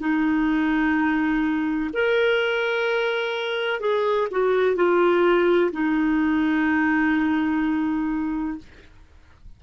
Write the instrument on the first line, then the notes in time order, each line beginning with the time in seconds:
clarinet
0.00 D#4
1.94 A#4
3.81 G#4
4.31 F#4
4.76 F4
5.73 D#4